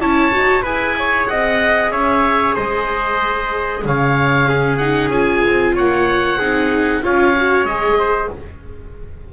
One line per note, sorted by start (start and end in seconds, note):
0.00 0.32 C#4
0.00 0.31 E4
0.00 0.62 C#5
0.00 0.64 A5
0.31 0.63 D#4
0.31 0.63 F#4
0.62 1.27 E4
0.62 4.46 G#4
0.62 0.93 B4
0.62 1.27 G#5
0.98 1.30 C#5
1.27 1.92 C4
1.27 1.91 D#5
1.27 1.91 F#5
1.91 2.56 C#4
1.91 2.55 C#5
1.91 2.55 E5
2.55 3.84 G#3
2.55 3.82 C5
2.55 3.84 D#5
3.84 5.08 C#3
3.84 4.48 C#5
3.84 4.77 F5
4.46 4.78 C#4
4.46 5.74 G#4
4.77 5.12 D#4
4.77 5.09 F#5
5.08 5.40 C#4
5.08 6.39 F4
5.08 5.74 G#5
5.47 5.78 C4
5.74 6.38 A#3
5.74 6.38 C#5
5.74 7.04 F#5
6.38 7.02 C4
6.38 7.03 D#4
6.38 7.02 G#4
7.03 7.64 C#4
7.03 7.35 F4
7.03 7.98 C#5
7.03 7.65 F5
7.36 7.68 F#4
7.64 8.28 G#3
7.64 8.33 G#4
7.64 8.29 D#5
7.98 8.30 C5